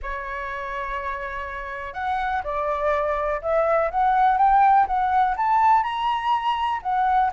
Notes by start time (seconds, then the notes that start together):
0.02 C#5
1.93 F#5
2.43 D5
3.41 E5
3.90 F#5
4.37 G5
4.86 F#5
5.36 A5
5.83 A#5
6.82 F#5